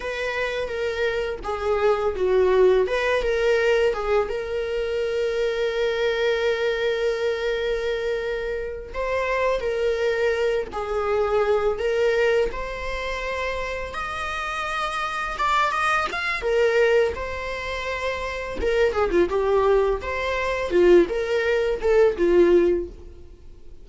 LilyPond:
\new Staff \with { instrumentName = "viola" } { \time 4/4 \tempo 4 = 84 b'4 ais'4 gis'4 fis'4 | b'8 ais'4 gis'8 ais'2~ | ais'1~ | ais'8 c''4 ais'4. gis'4~ |
gis'8 ais'4 c''2 dis''8~ | dis''4. d''8 dis''8 f''8 ais'4 | c''2 ais'8 gis'16 f'16 g'4 | c''4 f'8 ais'4 a'8 f'4 | }